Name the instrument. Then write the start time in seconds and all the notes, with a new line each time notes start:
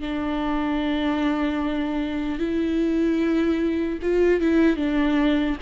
viola
0.00 D4
2.38 E4
4.01 F4
4.40 E4
4.76 D4